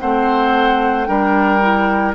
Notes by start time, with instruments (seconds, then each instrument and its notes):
0.00 bassoon A3, clarinet C4, oboe C5, flute F#5
1.05 bassoon G3, clarinet D4, oboe A#4, flute G5
1.60 clarinet E4